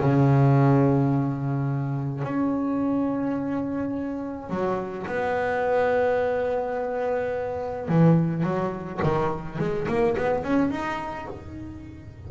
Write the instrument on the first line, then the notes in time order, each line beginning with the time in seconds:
double bass
0.00 C#3
2.24 C#4
4.50 F#3
5.07 B3
7.89 E3
8.43 F#3
9.03 D#3
9.59 G#3
9.88 A#3
10.17 B3
10.44 C#4
10.71 D#4